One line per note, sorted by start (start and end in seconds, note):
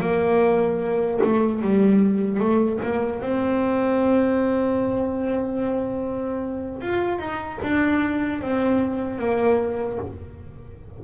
0.00 1.20 A#3
1.24 1.62 A3
1.62 2.40 G3
2.40 2.80 A3
2.83 3.21 A#3
3.21 6.81 C4
6.81 7.19 F4
7.19 7.59 D#4
7.63 8.41 D4
8.41 9.19 C4
9.19 9.99 A#3